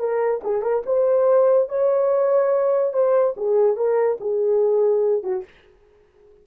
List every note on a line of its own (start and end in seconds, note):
0.00 0.42 A#4
0.44 0.62 G#4
0.62 0.83 A#4
0.87 1.69 C5
1.69 2.94 C#5
2.94 3.35 C5
3.37 3.77 G#4
3.77 4.19 A#4
4.21 5.23 G#4
5.23 5.44 F#4